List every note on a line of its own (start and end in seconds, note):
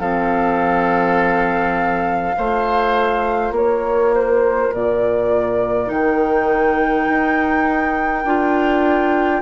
0.00 2.35 F3
0.00 2.36 C4
0.00 2.36 A4
0.00 3.54 F5
2.36 3.51 A3
2.36 5.87 F4
2.36 3.55 C5
3.51 4.69 A#3
3.51 9.42 A#4
3.51 4.14 C#5
4.15 4.74 C5
4.74 5.90 A#2
4.74 5.91 D5
5.87 7.08 D#3
5.87 8.22 D#4
5.87 9.42 G5
7.09 8.25 D#4
8.25 9.42 D4
8.25 9.42 F4